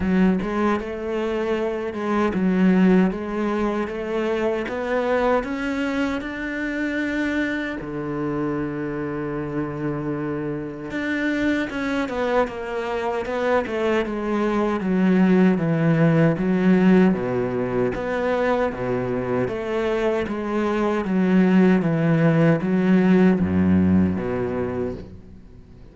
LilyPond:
\new Staff \with { instrumentName = "cello" } { \time 4/4 \tempo 4 = 77 fis8 gis8 a4. gis8 fis4 | gis4 a4 b4 cis'4 | d'2 d2~ | d2 d'4 cis'8 b8 |
ais4 b8 a8 gis4 fis4 | e4 fis4 b,4 b4 | b,4 a4 gis4 fis4 | e4 fis4 fis,4 b,4 | }